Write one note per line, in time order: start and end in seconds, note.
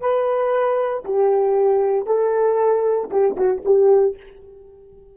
0.00 1.03 B4
1.04 2.06 G4
2.06 3.09 A4
3.10 3.36 G4
3.36 3.62 F#4
3.65 4.16 G4